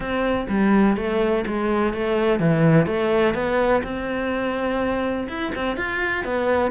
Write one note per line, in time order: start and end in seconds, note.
0.00 0.47 C4
0.48 0.96 G3
0.96 1.44 A3
1.46 1.93 G#3
1.93 2.39 A3
2.39 2.86 E3
2.86 3.34 A3
3.34 3.82 B3
3.83 5.27 C4
5.28 5.52 E4
5.55 5.76 C4
5.76 6.24 F4
6.24 6.71 B3